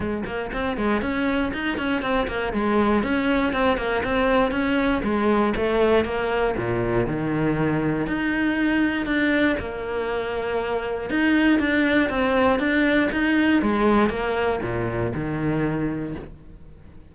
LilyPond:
\new Staff \with { instrumentName = "cello" } { \time 4/4 \tempo 4 = 119 gis8 ais8 c'8 gis8 cis'4 dis'8 cis'8 | c'8 ais8 gis4 cis'4 c'8 ais8 | c'4 cis'4 gis4 a4 | ais4 ais,4 dis2 |
dis'2 d'4 ais4~ | ais2 dis'4 d'4 | c'4 d'4 dis'4 gis4 | ais4 ais,4 dis2 | }